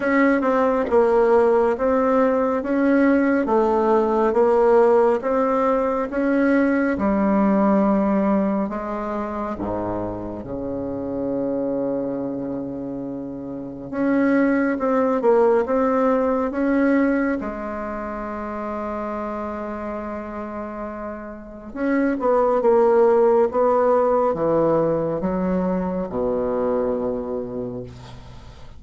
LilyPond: \new Staff \with { instrumentName = "bassoon" } { \time 4/4 \tempo 4 = 69 cis'8 c'8 ais4 c'4 cis'4 | a4 ais4 c'4 cis'4 | g2 gis4 gis,4 | cis1 |
cis'4 c'8 ais8 c'4 cis'4 | gis1~ | gis4 cis'8 b8 ais4 b4 | e4 fis4 b,2 | }